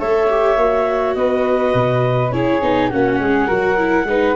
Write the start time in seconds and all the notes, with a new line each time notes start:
0.00 A3 A4 C#5 E5
0.30 G4
0.57 A#3 F#4
1.15 B3 B4 D#5
1.74 B2
2.31 C#4 E4 G#4 C#5
2.62 B3 D#4
2.90 A#3 C#4 F#4 F#5
3.20 G#3 G#4
3.48 F#3 F#4 A#4
3.78 E4
4.05 G#3 D#4 B4